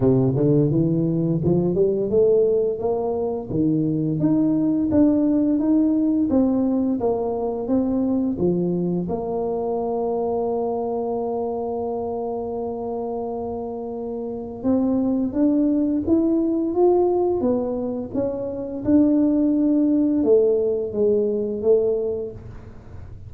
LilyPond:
\new Staff \with { instrumentName = "tuba" } { \time 4/4 \tempo 4 = 86 c8 d8 e4 f8 g8 a4 | ais4 dis4 dis'4 d'4 | dis'4 c'4 ais4 c'4 | f4 ais2.~ |
ais1~ | ais4 c'4 d'4 e'4 | f'4 b4 cis'4 d'4~ | d'4 a4 gis4 a4 | }